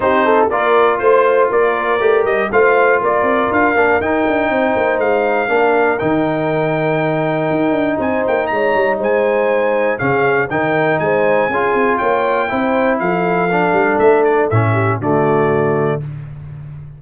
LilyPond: <<
  \new Staff \with { instrumentName = "trumpet" } { \time 4/4 \tempo 4 = 120 c''4 d''4 c''4 d''4~ | d''8 dis''8 f''4 d''4 f''4 | g''2 f''2 | g''1 |
gis''8 g''8 ais''4 gis''2 | f''4 g''4 gis''2 | g''2 f''2 | e''8 d''8 e''4 d''2 | }
  \new Staff \with { instrumentName = "horn" } { \time 4/4 g'8 a'8 ais'4 c''4 ais'4~ | ais'4 c''4 ais'2~ | ais'4 c''2 ais'4~ | ais'1 |
c''4 cis''4 c''2 | gis'4 ais'4 c''4 gis'4 | cis''4 c''4 a'2~ | a'4. g'8 fis'2 | }
  \new Staff \with { instrumentName = "trombone" } { \time 4/4 dis'4 f'2. | g'4 f'2~ f'8 d'8 | dis'2. d'4 | dis'1~ |
dis'1 | cis'4 dis'2 f'4~ | f'4 e'2 d'4~ | d'4 cis'4 a2 | }
  \new Staff \with { instrumentName = "tuba" } { \time 4/4 c'4 ais4 a4 ais4 | a8 g8 a4 ais8 c'8 d'8 ais8 | dis'8 d'8 c'8 ais8 gis4 ais4 | dis2. dis'8 d'8 |
c'8 ais8 gis8 g8 gis2 | cis4 dis4 gis4 cis'8 c'8 | ais4 c'4 f4. g8 | a4 a,4 d2 | }
>>